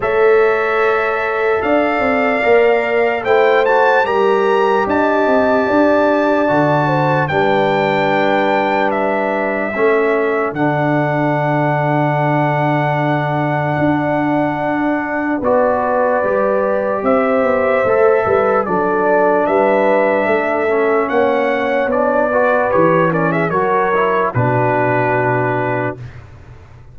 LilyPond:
<<
  \new Staff \with { instrumentName = "trumpet" } { \time 4/4 \tempo 4 = 74 e''2 f''2 | g''8 a''8 ais''4 a''2~ | a''4 g''2 e''4~ | e''4 fis''2.~ |
fis''2. d''4~ | d''4 e''2 d''4 | e''2 fis''4 d''4 | cis''8 d''16 e''16 cis''4 b'2 | }
  \new Staff \with { instrumentName = "horn" } { \time 4/4 cis''2 d''2 | c''4 ais'4 dis''4 d''4~ | d''8 c''8 b'2. | a'1~ |
a'2. b'4~ | b'4 c''4. b'8 a'4 | b'4 a'4 cis''4. b'8~ | b'8 ais'16 gis'16 ais'4 fis'2 | }
  \new Staff \with { instrumentName = "trombone" } { \time 4/4 a'2. ais'4 | e'8 fis'8 g'2. | fis'4 d'2. | cis'4 d'2.~ |
d'2. fis'4 | g'2 a'4 d'4~ | d'4. cis'4. d'8 fis'8 | g'8 cis'8 fis'8 e'8 d'2 | }
  \new Staff \with { instrumentName = "tuba" } { \time 4/4 a2 d'8 c'8 ais4 | a4 g4 d'8 c'8 d'4 | d4 g2. | a4 d2.~ |
d4 d'2 b4 | g4 c'8 b8 a8 g8 fis4 | g4 a4 ais4 b4 | e4 fis4 b,2 | }
>>